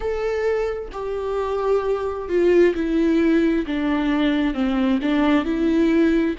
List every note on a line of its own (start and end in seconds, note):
0.00 0.88 A4
0.92 2.28 G4
2.28 2.74 F4
2.74 3.65 E4
3.66 4.53 D4
4.53 4.99 C4
5.02 5.44 D4
5.44 6.35 E4